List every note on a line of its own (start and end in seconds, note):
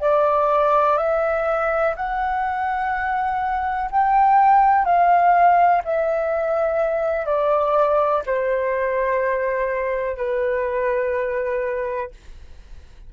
0.00 0.97 D5
0.97 1.94 E5
1.96 3.89 F#5
3.91 4.85 G5
4.85 5.82 F5
5.85 7.25 E5
7.25 8.22 D5
8.26 10.17 C5
10.17 12.10 B4